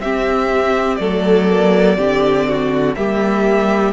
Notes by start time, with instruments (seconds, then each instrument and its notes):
0.00 cello C4, viola C4, violin G4 E5
0.96 cello F#3, viola A3, violin A4 D5
1.50 viola A#3
1.97 cello D3, viola C4, violin G4
2.48 violin F#4
2.96 cello G3, viola A#3, violin G4 E5